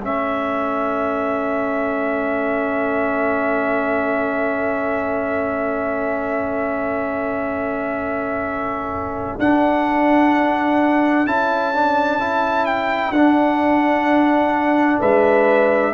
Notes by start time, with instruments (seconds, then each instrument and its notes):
0.00 tuba A3, trombone C#4, horn A4, trumpet E5
9.38 tuba D4, trombone D4, trumpet F#5
11.26 tuba C#4, trombone E4, trumpet A5
11.74 trombone D4
12.19 trombone E4
12.65 trumpet G5
13.11 tuba D4, trombone D4, trumpet F#5
14.99 tuba G#3, horn B4, trumpet E5